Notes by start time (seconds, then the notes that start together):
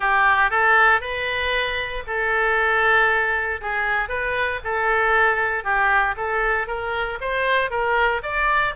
0.00 G4
0.50 A4
1.00 B4
2.07 A4
3.61 G#4
4.08 B4
4.64 A4
5.63 G4
6.17 A4
6.67 A#4
7.21 C5
7.70 A#4
8.23 D5